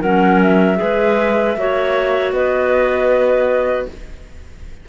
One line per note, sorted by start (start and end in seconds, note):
0.00 0.79 F#3
0.00 0.75 C#4
0.00 0.77 A#4
0.00 0.40 F#5
0.42 2.32 E5
0.75 1.56 G#3
0.75 1.52 G#4
0.75 1.57 B4
1.56 2.32 A#3
1.56 3.88 F#4
1.56 2.33 C#5
2.32 3.86 B3
2.32 3.87 B4
2.32 3.86 D#5